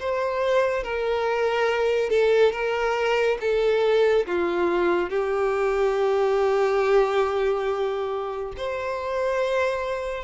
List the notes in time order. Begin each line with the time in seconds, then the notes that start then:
0.00 C5
0.83 A#4
2.10 A4
2.52 A#4
3.41 A4
4.27 F4
5.10 G4
8.57 C5